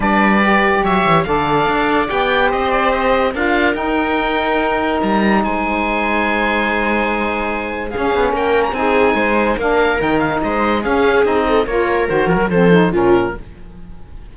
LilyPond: <<
  \new Staff \with { instrumentName = "oboe" } { \time 4/4 \tempo 4 = 144 d''2 e''4 f''4~ | f''4 g''4 dis''8 d''8 dis''4 | f''4 g''2. | ais''4 gis''2.~ |
gis''2. f''4 | g''8. ais''16 gis''2 f''4 | g''8 f''8 dis''4 f''4 dis''4 | cis''4 c''8 ais'8 c''4 ais'4 | }
  \new Staff \with { instrumentName = "viola" } { \time 4/4 b'2 cis''4 d''4~ | d''2 c''2 | ais'1~ | ais'4 c''2.~ |
c''2. gis'4 | ais'4 gis'4 c''4 ais'4~ | ais'4 c''4 gis'4. a'8 | ais'2 a'4 f'4 | }
  \new Staff \with { instrumentName = "saxophone" } { \time 4/4 d'4 g'2 a'4~ | a'4 g'2. | f'4 dis'2.~ | dis'1~ |
dis'2. cis'4~ | cis'4 dis'2 d'4 | dis'2 cis'4 dis'4 | f'4 fis'4 c'8 dis'8 cis'4 | }
  \new Staff \with { instrumentName = "cello" } { \time 4/4 g2 fis8 e8 d4 | d'4 b4 c'2 | d'4 dis'2. | g4 gis2.~ |
gis2. cis'8 b8 | ais4 c'4 gis4 ais4 | dis4 gis4 cis'4 c'4 | ais4 dis8 f16 fis16 f4 ais,4 | }
>>